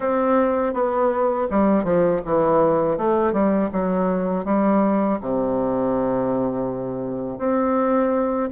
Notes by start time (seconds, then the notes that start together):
0.00 C4
0.73 B3
1.50 G3
1.84 F3
2.25 E3
2.97 A3
3.32 G3
3.72 F#3
4.44 G3
5.21 C3
7.38 C4